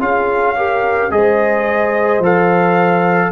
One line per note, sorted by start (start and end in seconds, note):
0.00 1.11 C#4
0.00 0.56 F4
0.00 0.56 G#4
0.00 1.12 F5
0.57 1.11 G4
0.57 1.13 A#4
1.11 2.20 G#3
1.11 2.22 G#4
1.11 3.32 C5
1.11 2.23 D#5
2.20 3.31 F3
2.20 3.32 A4
2.26 3.32 F5